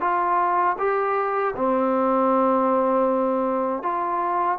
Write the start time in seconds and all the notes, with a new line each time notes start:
0.00 F4
0.78 G4
1.56 C4
3.82 F4